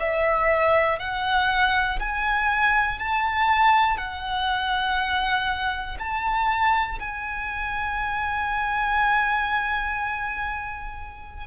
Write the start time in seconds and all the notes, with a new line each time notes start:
0.00 E5
1.00 F#5
2.00 G#5
2.99 A5
3.97 F#5
6.00 A5
7.00 G#5